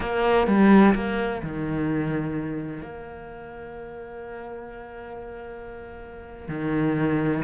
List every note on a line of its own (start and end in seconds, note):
0.00 0.47 A#3
0.47 0.94 G3
0.94 1.42 A#3
1.42 2.82 D#3
2.82 6.48 A#3
6.48 7.43 D#3